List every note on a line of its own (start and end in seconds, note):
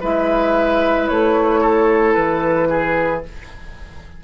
0.00 1.09 G#3
0.00 3.23 E4
0.00 1.60 B4
0.00 1.07 E5
1.07 2.16 A3
1.07 2.13 C#5
1.60 2.67 A4
2.13 3.23 E3
2.13 3.20 B4
2.69 3.23 G#4